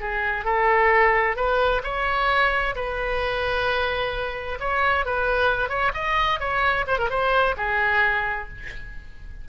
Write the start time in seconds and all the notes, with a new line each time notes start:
0.00 G#4
0.44 A4
1.36 B4
1.83 C#5
2.75 B4
4.60 C#5
5.05 B4
5.69 C#5
5.94 D#5
6.40 C#5
6.87 C5
6.98 A#4
7.10 C5
7.57 G#4